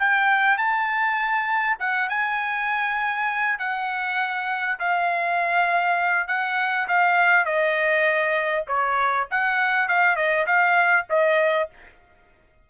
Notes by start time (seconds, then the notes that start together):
0.00 G5
0.58 A5
1.79 F#5
2.09 G#5
3.59 F#5
4.79 F5
6.28 F#5
6.88 F5
7.45 D#5
8.68 C#5
9.31 F#5
9.89 F5
10.16 D#5
10.46 F5
11.10 D#5